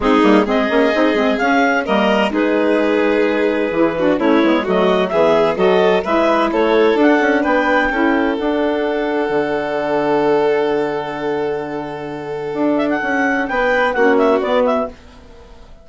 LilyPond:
<<
  \new Staff \with { instrumentName = "clarinet" } { \time 4/4 \tempo 4 = 129 gis'4 dis''2 f''4 | dis''4 b'2.~ | b'4 cis''4 dis''4 e''4 | dis''4 e''4 cis''4 fis''4 |
g''2 fis''2~ | fis''1~ | fis''2.~ fis''8 e''16 fis''16~ | fis''4 g''4 fis''8 e''8 d''8 e''8 | }
  \new Staff \with { instrumentName = "violin" } { \time 4/4 dis'4 gis'2. | ais'4 gis'2.~ | gis'8 fis'8 e'4 fis'4 gis'4 | a'4 b'4 a'2 |
b'4 a'2.~ | a'1~ | a'1~ | a'4 b'4 fis'2 | }
  \new Staff \with { instrumentName = "saxophone" } { \time 4/4 c'8 ais8 c'8 cis'8 dis'8 c'8 cis'4 | ais4 dis'2. | e'8 d'8 cis'8 b8 a4 b4 | fis'4 e'2 d'4~ |
d'4 e'4 d'2~ | d'1~ | d'1~ | d'2 cis'4 b4 | }
  \new Staff \with { instrumentName = "bassoon" } { \time 4/4 gis8 g8 gis8 ais8 c'8 gis8 cis'4 | g4 gis2. | e4 a8 gis8 fis4 e4 | fis4 gis4 a4 d'8 cis'8 |
b4 cis'4 d'2 | d1~ | d2. d'4 | cis'4 b4 ais4 b4 | }
>>